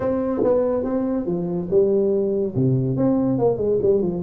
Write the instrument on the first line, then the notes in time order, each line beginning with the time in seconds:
tuba
0.00 C4
0.43 B3
0.84 C4
1.26 F3
1.70 G3
2.55 C3
2.97 C4
3.38 A#3
3.57 G#3
3.82 G3
4.02 F3